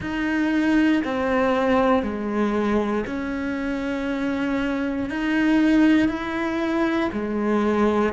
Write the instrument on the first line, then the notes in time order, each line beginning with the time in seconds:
cello
0.00 D#4
1.04 C4
2.02 G#3
3.06 C#4
5.09 D#4
6.08 E4
7.12 G#3